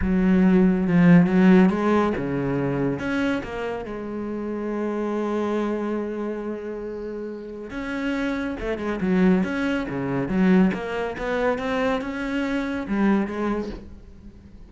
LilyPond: \new Staff \with { instrumentName = "cello" } { \time 4/4 \tempo 4 = 140 fis2 f4 fis4 | gis4 cis2 cis'4 | ais4 gis2.~ | gis1~ |
gis2 cis'2 | a8 gis8 fis4 cis'4 cis4 | fis4 ais4 b4 c'4 | cis'2 g4 gis4 | }